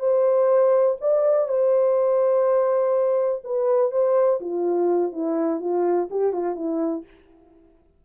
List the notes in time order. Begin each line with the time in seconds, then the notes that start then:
0.00 C5
1.01 D5
1.49 C5
3.44 B4
3.92 C5
4.41 F4
5.13 E4
5.61 F4
6.11 G4
6.33 F4
6.56 E4